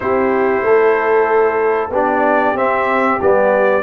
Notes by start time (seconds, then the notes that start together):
0.00 C4 E4 G4 C5
0.62 A3 A4
1.89 B3 D4 G4
1.96 D5
2.55 C4 E5
3.21 G3 B3 D5